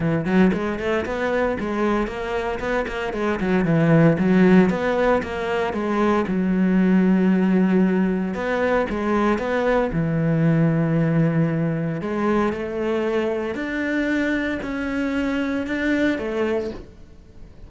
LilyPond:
\new Staff \with { instrumentName = "cello" } { \time 4/4 \tempo 4 = 115 e8 fis8 gis8 a8 b4 gis4 | ais4 b8 ais8 gis8 fis8 e4 | fis4 b4 ais4 gis4 | fis1 |
b4 gis4 b4 e4~ | e2. gis4 | a2 d'2 | cis'2 d'4 a4 | }